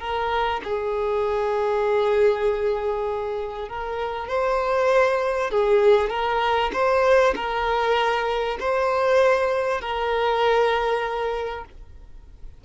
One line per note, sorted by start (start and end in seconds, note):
0.00 0.61 A#4
0.64 3.69 G#4
3.69 4.28 A#4
4.28 5.51 C5
5.51 6.10 G#4
6.10 6.71 A#4
6.73 7.34 C5
7.36 8.58 A#4
8.60 9.81 C5
9.81 11.65 A#4